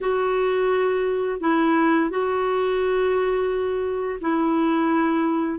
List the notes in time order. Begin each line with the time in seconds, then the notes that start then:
0.01 F#4
1.40 E4
2.10 F#4
4.21 E4